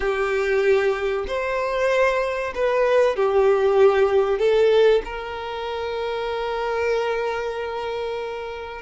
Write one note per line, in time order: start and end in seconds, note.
0.00 1.25 G4
1.27 2.53 C5
2.54 3.16 B4
3.16 4.38 G4
4.38 5.02 A4
5.04 8.81 A#4